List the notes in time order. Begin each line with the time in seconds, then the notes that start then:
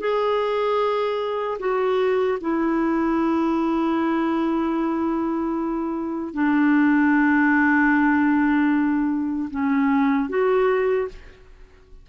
0.00 G#4
1.59 F#4
2.41 E4
6.33 D4
9.50 C#4
10.29 F#4